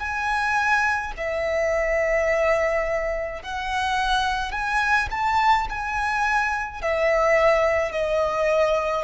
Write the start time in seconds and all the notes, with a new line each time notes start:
0.00 G#5
1.17 E5
3.43 F#5
4.52 G#5
5.11 A5
5.70 G#5
6.82 E5
7.92 D#5